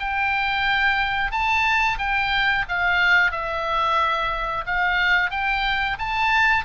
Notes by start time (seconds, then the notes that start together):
0.00 G5
1.31 A5
1.98 G5
2.68 F5
3.32 E5
4.66 F5
5.31 G5
5.99 A5